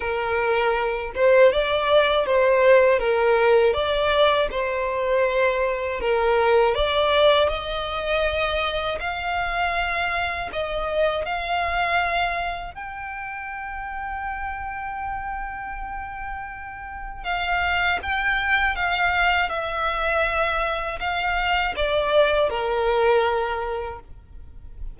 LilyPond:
\new Staff \with { instrumentName = "violin" } { \time 4/4 \tempo 4 = 80 ais'4. c''8 d''4 c''4 | ais'4 d''4 c''2 | ais'4 d''4 dis''2 | f''2 dis''4 f''4~ |
f''4 g''2.~ | g''2. f''4 | g''4 f''4 e''2 | f''4 d''4 ais'2 | }